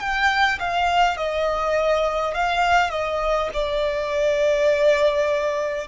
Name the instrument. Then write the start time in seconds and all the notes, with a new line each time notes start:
violin
0.00 G5
0.60 F5
1.17 D#5
2.34 F5
2.90 D#5
3.53 D5